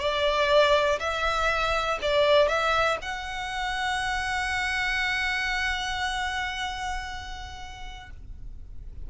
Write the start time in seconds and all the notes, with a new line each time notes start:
0.00 D5
1.00 E5
2.02 D5
2.48 E5
3.02 F#5